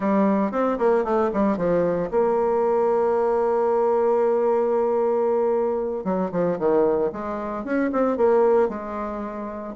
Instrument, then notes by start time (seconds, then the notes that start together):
bassoon
0.00 G3
0.51 C4
0.78 A#3
1.04 A3
1.33 G3
1.57 F3
2.10 A#3
6.04 F#3
6.31 F3
6.58 D#3
7.12 G#3
7.64 C#4
7.92 C4
8.17 A#3
8.68 G#3